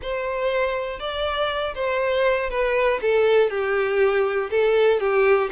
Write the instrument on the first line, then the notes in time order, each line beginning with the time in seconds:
violin
0.02 C5
0.99 D5
1.75 C5
2.50 B4
3.01 A4
3.50 G4
4.50 A4
5.00 G4